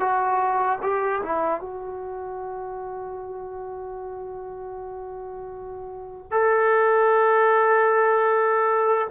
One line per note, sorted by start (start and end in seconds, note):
0.00 0.79 F#4
0.82 1.22 G4
1.23 1.61 E4
1.61 6.31 F#4
6.31 9.08 A4